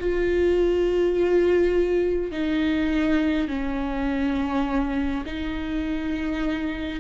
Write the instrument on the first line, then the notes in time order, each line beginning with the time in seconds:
viola
0.00 F4
2.32 D#4
3.48 C#4
5.26 D#4